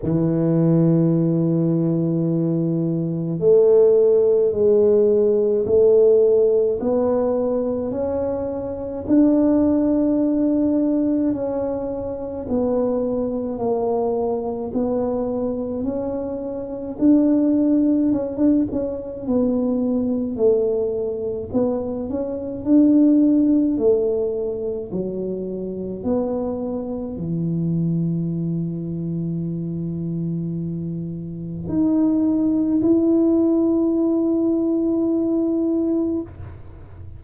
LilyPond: \new Staff \with { instrumentName = "tuba" } { \time 4/4 \tempo 4 = 53 e2. a4 | gis4 a4 b4 cis'4 | d'2 cis'4 b4 | ais4 b4 cis'4 d'4 |
cis'16 d'16 cis'8 b4 a4 b8 cis'8 | d'4 a4 fis4 b4 | e1 | dis'4 e'2. | }